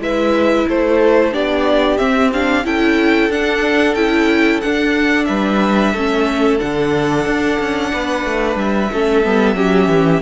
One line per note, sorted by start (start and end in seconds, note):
0.00 0.66 G#3
0.00 1.33 E4
0.00 0.69 B4
0.00 0.69 E5
0.69 1.34 A3
0.69 1.34 A4
0.69 1.34 C5
1.33 2.00 B3
1.33 1.98 D4
1.33 2.65 G4
1.33 1.98 D5
1.98 2.31 C4
1.98 2.66 C4
1.98 2.31 E5
2.34 2.65 D4
2.34 2.66 F5
2.65 3.30 C#4
2.65 3.31 E4
2.65 5.28 A4
2.65 3.32 G5
3.30 3.95 D4
3.30 3.97 D4
3.30 3.95 F#5
3.95 4.61 C#4
3.95 4.63 E4
3.95 4.61 G5
4.61 5.95 D4
4.61 5.29 D4
4.61 5.26 F#5
5.26 5.94 G3
5.26 5.94 B4
5.26 6.58 E5
5.94 6.60 A3
5.94 6.59 C#4
5.94 7.91 A4
6.59 7.26 D3
6.59 8.90 D4
6.59 8.58 F#5
7.26 7.59 D4
7.60 7.93 C#4
7.93 8.26 B3
7.93 8.92 B4
8.26 8.56 A3
8.56 8.89 G3
8.56 10.23 E5
8.93 9.26 A3
8.93 9.25 C#4
8.93 9.57 A4
9.25 9.55 G3
9.25 9.56 B3
9.55 9.88 F#3
9.55 10.22 C#4
9.55 10.23 G4
9.88 10.21 E3